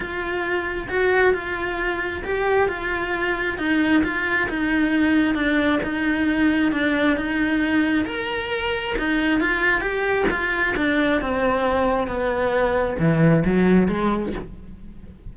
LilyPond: \new Staff \with { instrumentName = "cello" } { \time 4/4 \tempo 4 = 134 f'2 fis'4 f'4~ | f'4 g'4 f'2 | dis'4 f'4 dis'2 | d'4 dis'2 d'4 |
dis'2 ais'2 | dis'4 f'4 g'4 f'4 | d'4 c'2 b4~ | b4 e4 fis4 gis4 | }